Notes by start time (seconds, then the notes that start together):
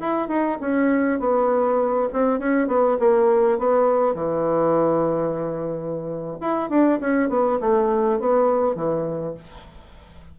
0.00 E4
0.29 D#4
0.61 C#4
1.20 B3
2.13 C4
2.40 C#4
2.68 B3
3.00 A#3
3.59 B3
4.15 E3
6.41 E4
6.70 D4
7.01 C#4
7.30 B3
7.61 A3
8.20 B3
8.75 E3